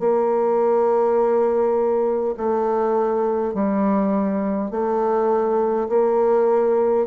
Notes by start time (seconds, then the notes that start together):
0.00 A#3
2.37 A3
3.54 G3
4.71 A3
5.89 A#3